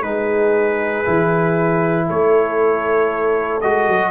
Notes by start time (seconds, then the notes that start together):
0.00 G#3 D#4 G#4 B4
1.05 E3 E4
2.07 A3 A4 C#5
3.61 G#3 F#4 D#5
3.89 F#3